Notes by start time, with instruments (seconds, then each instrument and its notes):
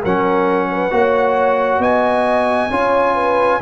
0.00 tuba F#3, trombone C#4, horn A#4, trumpet F#5
0.71 horn B4
0.90 tuba A#3, trombone F#4, horn C#5
1.79 tuba B3, horn D#5, trumpet G#5
2.70 tuba C#4, trombone F4, horn C#5
3.15 horn B4